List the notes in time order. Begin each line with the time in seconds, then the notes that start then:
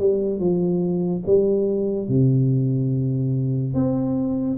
0.00 G3
0.40 F3
1.27 G3
2.08 C3
3.75 C4